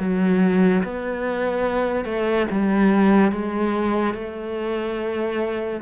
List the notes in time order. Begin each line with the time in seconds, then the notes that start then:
0.00 F#3
0.84 B3
2.05 A3
2.51 G3
3.32 G#3
4.14 A3